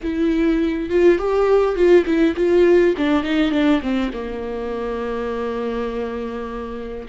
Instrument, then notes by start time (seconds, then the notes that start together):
viola
0.02 E4
0.89 F4
1.18 G4
1.75 F4
2.05 E4
2.36 F4
2.97 D4
3.23 D#4
3.51 D4
3.82 C4
4.13 A#3